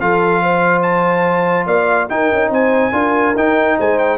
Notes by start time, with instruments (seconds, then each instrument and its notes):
0.00 tuba F3, trombone F4, horn A4, trumpet F5
0.42 horn C5
0.83 trumpet A5
1.66 tuba A#3, horn D5, trumpet F5
2.09 trombone D#4, tuba D#4, horn A#4, trumpet G5
2.32 tuba C#4
2.50 tuba C4, horn C5, trumpet G#5
2.92 tuba D4, trombone F4, horn A#4
3.35 tuba D#4, trombone D#4, trumpet G5
3.78 tuba G#3, horn C5, trumpet G#5
3.98 trumpet G5